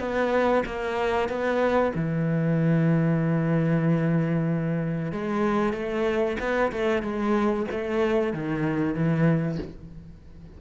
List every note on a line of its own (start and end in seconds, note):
0.00 0.64 B3
0.66 1.29 A#3
1.29 1.93 B3
1.95 5.12 E3
5.12 5.73 G#3
5.73 6.37 A3
6.40 6.72 B3
6.72 7.02 A3
7.02 7.66 G#3
7.71 8.33 A3
8.33 8.94 D#3
8.94 9.58 E3